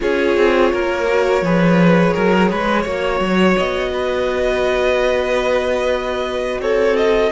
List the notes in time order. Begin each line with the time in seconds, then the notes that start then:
0.00 C#4 F4 G#4 C#5
0.36 C4
0.72 A#3 A#4
1.07 F#4
1.41 F3 G#4 B4
2.13 F#3 A#4
2.50 G#3 B4
2.82 A#3 F#4 C#5
3.19 F#3
3.57 B3 D#5
3.93 B4
6.59 C4 A4 C#5
6.96 D#5